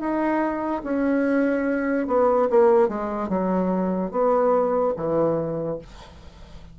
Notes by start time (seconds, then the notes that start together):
0.00 D#4
0.84 C#4
2.07 B3
2.50 A#3
2.89 G#3
3.29 F#3
4.12 B3
4.97 E3